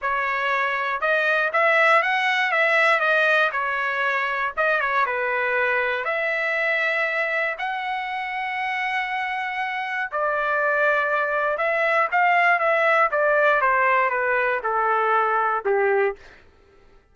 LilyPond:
\new Staff \with { instrumentName = "trumpet" } { \time 4/4 \tempo 4 = 119 cis''2 dis''4 e''4 | fis''4 e''4 dis''4 cis''4~ | cis''4 dis''8 cis''8 b'2 | e''2. fis''4~ |
fis''1 | d''2. e''4 | f''4 e''4 d''4 c''4 | b'4 a'2 g'4 | }